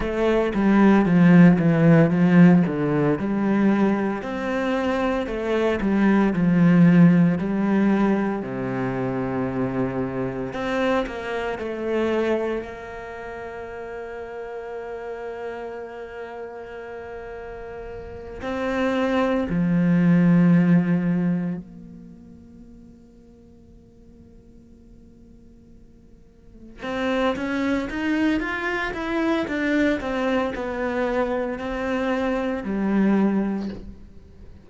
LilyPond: \new Staff \with { instrumentName = "cello" } { \time 4/4 \tempo 4 = 57 a8 g8 f8 e8 f8 d8 g4 | c'4 a8 g8 f4 g4 | c2 c'8 ais8 a4 | ais1~ |
ais4. c'4 f4.~ | f8 ais2.~ ais8~ | ais4. c'8 cis'8 dis'8 f'8 e'8 | d'8 c'8 b4 c'4 g4 | }